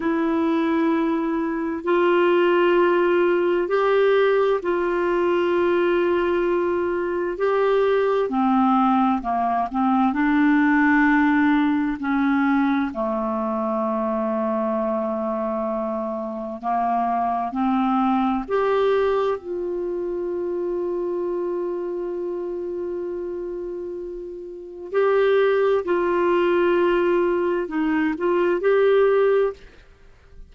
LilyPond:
\new Staff \with { instrumentName = "clarinet" } { \time 4/4 \tempo 4 = 65 e'2 f'2 | g'4 f'2. | g'4 c'4 ais8 c'8 d'4~ | d'4 cis'4 a2~ |
a2 ais4 c'4 | g'4 f'2.~ | f'2. g'4 | f'2 dis'8 f'8 g'4 | }